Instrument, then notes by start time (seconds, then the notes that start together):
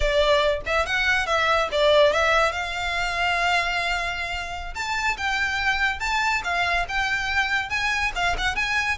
violin
0.00 D5
0.65 E5
0.86 F#5
1.26 E5
1.71 D5
2.12 E5
2.52 F5
4.74 A5
5.17 G5
5.99 A5
6.43 F5
6.88 G5
7.69 G#5
8.15 F5
8.38 F#5
8.55 G#5